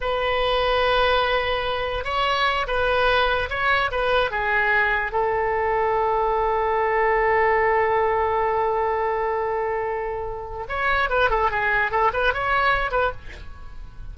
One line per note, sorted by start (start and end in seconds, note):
0.01 2.04 B4
2.04 2.66 C#5
2.67 3.49 B4
3.49 3.90 C#5
3.91 4.31 B4
4.31 5.12 G#4
5.12 10.66 A4
10.68 11.09 C#5
11.09 11.30 B4
11.30 11.50 A4
11.51 11.91 G#4
11.91 12.11 A4
12.13 12.33 B4
12.33 12.91 C#5
12.91 13.11 B4